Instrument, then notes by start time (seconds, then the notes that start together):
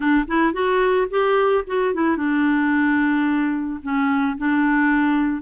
clarinet
0.00 D4
0.27 E4
0.53 F#4
1.10 G4
1.67 F#4
1.94 E4
2.16 D4
3.82 C#4
4.37 D4